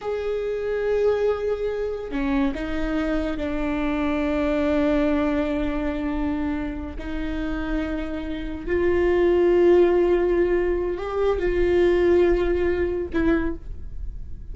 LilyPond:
\new Staff \with { instrumentName = "viola" } { \time 4/4 \tempo 4 = 142 gis'1~ | gis'4 cis'4 dis'2 | d'1~ | d'1~ |
d'8 dis'2.~ dis'8~ | dis'8 f'2.~ f'8~ | f'2 g'4 f'4~ | f'2. e'4 | }